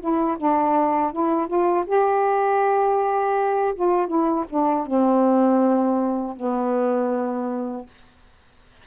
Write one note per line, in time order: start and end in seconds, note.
0.00 0.38 E4
0.38 1.12 D4
1.12 1.47 E4
1.47 1.85 F4
1.86 3.74 G4
3.75 4.07 F4
4.07 4.45 E4
4.50 4.86 D4
4.86 6.36 C4
6.36 7.86 B3